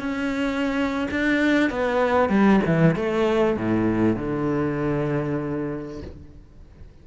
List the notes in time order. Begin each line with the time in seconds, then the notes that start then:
0.00 C#4
1.11 D4
1.70 B3
2.30 G3
2.67 E3
2.96 A3
3.57 A2
4.17 D3